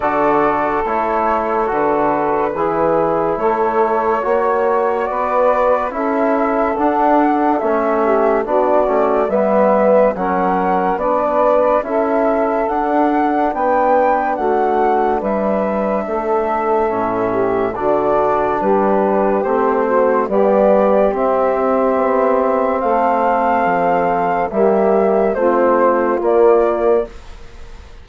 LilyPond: <<
  \new Staff \with { instrumentName = "flute" } { \time 4/4 \tempo 4 = 71 d''4 cis''4 b'2 | cis''2 d''4 e''4 | fis''4 e''4 d''4 e''4 | fis''4 d''4 e''4 fis''4 |
g''4 fis''4 e''2~ | e''4 d''4 b'4 c''4 | d''4 e''2 f''4~ | f''4 e''4 c''4 d''4 | }
  \new Staff \with { instrumentName = "saxophone" } { \time 4/4 a'2. gis'4 | a'4 cis''4 b'4 a'4~ | a'4. g'8 fis'4 b'4 | ais'4 b'4 a'2 |
b'4 fis'4 b'4 a'4~ | a'8 g'8 fis'4 g'4. fis'8 | g'2. a'4~ | a'4 g'4 f'2 | }
  \new Staff \with { instrumentName = "trombone" } { \time 4/4 fis'4 e'4 fis'4 e'4~ | e'4 fis'2 e'4 | d'4 cis'4 d'8 cis'8 b4 | cis'4 d'4 e'4 d'4~ |
d'1 | cis'4 d'2 c'4 | b4 c'2.~ | c'4 ais4 c'4 ais4 | }
  \new Staff \with { instrumentName = "bassoon" } { \time 4/4 d4 a4 d4 e4 | a4 ais4 b4 cis'4 | d'4 a4 b8 a8 g4 | fis4 b4 cis'4 d'4 |
b4 a4 g4 a4 | a,4 d4 g4 a4 | g4 c'4 b4 a4 | f4 g4 a4 ais4 | }
>>